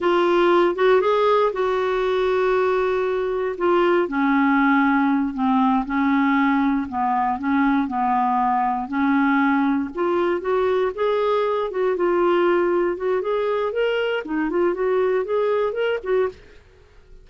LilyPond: \new Staff \with { instrumentName = "clarinet" } { \time 4/4 \tempo 4 = 118 f'4. fis'8 gis'4 fis'4~ | fis'2. f'4 | cis'2~ cis'8 c'4 cis'8~ | cis'4. b4 cis'4 b8~ |
b4. cis'2 f'8~ | f'8 fis'4 gis'4. fis'8 f'8~ | f'4. fis'8 gis'4 ais'4 | dis'8 f'8 fis'4 gis'4 ais'8 fis'8 | }